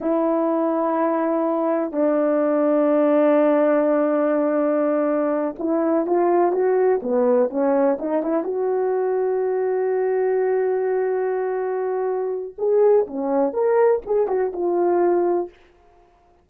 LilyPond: \new Staff \with { instrumentName = "horn" } { \time 4/4 \tempo 4 = 124 e'1 | d'1~ | d'2.~ d'8 e'8~ | e'8 f'4 fis'4 b4 cis'8~ |
cis'8 dis'8 e'8 fis'2~ fis'8~ | fis'1~ | fis'2 gis'4 cis'4 | ais'4 gis'8 fis'8 f'2 | }